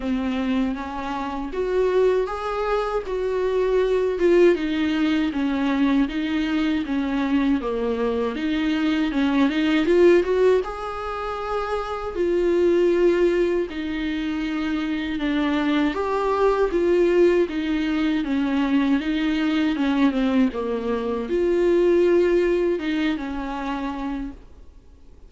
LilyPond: \new Staff \with { instrumentName = "viola" } { \time 4/4 \tempo 4 = 79 c'4 cis'4 fis'4 gis'4 | fis'4. f'8 dis'4 cis'4 | dis'4 cis'4 ais4 dis'4 | cis'8 dis'8 f'8 fis'8 gis'2 |
f'2 dis'2 | d'4 g'4 f'4 dis'4 | cis'4 dis'4 cis'8 c'8 ais4 | f'2 dis'8 cis'4. | }